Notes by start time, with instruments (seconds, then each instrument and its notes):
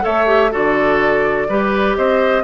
0.00 bassoon A3, clarinet A4, oboe C#5, flute E5
0.26 clarinet G4
0.51 bassoon D3, clarinet F#4, oboe A4, flute D5
1.48 bassoon G3, clarinet G4, oboe B4
1.96 bassoon C4, oboe C5, flute D#5